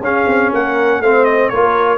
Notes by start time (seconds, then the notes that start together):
0.00 C#4 G#4 F5
0.27 C4
0.52 A#3 A#4 F#5
1.01 A3 C4 C5 F5
1.25 D#5
1.50 A#3 F4 A#4 C#5